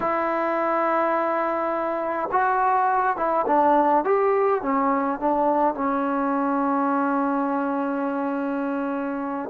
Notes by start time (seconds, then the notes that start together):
0.00 E4
2.31 F#4
3.16 E4
3.46 D4
4.04 G4
4.62 C#4
5.19 D4
5.74 C#4